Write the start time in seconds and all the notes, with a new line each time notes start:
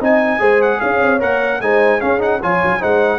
0.00 C4 D#4 D#5 G#5
0.39 G#3 G#4 C5
0.62 F#5
0.80 C#4 C#5 F5
1.01 C4
1.19 A#3 A#4 F#5
1.61 G#3 D#4 C5 G#5
2.00 C#4 G#4 F5
2.19 D#4 F#5
2.41 F3 F4 C#5 G#5
2.64 F#3
2.80 G#3 D#4 C5 F#5